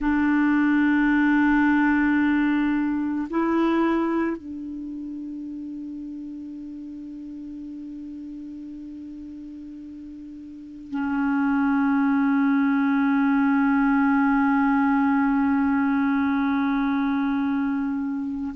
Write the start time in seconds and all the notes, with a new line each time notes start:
0.00 D4
3.30 E4
4.36 D4
10.90 C#4